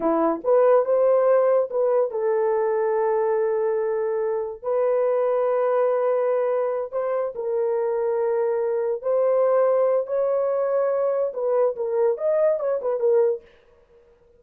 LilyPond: \new Staff \with { instrumentName = "horn" } { \time 4/4 \tempo 4 = 143 e'4 b'4 c''2 | b'4 a'2.~ | a'2. b'4~ | b'1~ |
b'8 c''4 ais'2~ ais'8~ | ais'4. c''2~ c''8 | cis''2. b'4 | ais'4 dis''4 cis''8 b'8 ais'4 | }